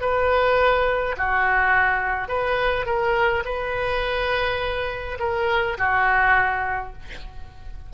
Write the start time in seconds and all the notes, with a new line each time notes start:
0.00 B4
1.16 F#4
2.28 B4
2.85 A#4
3.45 B4
5.19 A#4
5.77 F#4